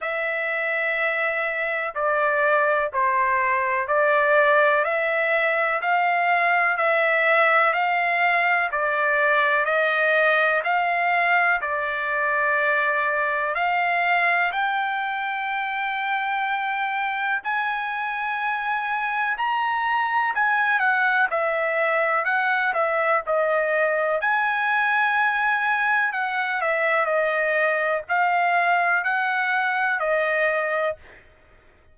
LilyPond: \new Staff \with { instrumentName = "trumpet" } { \time 4/4 \tempo 4 = 62 e''2 d''4 c''4 | d''4 e''4 f''4 e''4 | f''4 d''4 dis''4 f''4 | d''2 f''4 g''4~ |
g''2 gis''2 | ais''4 gis''8 fis''8 e''4 fis''8 e''8 | dis''4 gis''2 fis''8 e''8 | dis''4 f''4 fis''4 dis''4 | }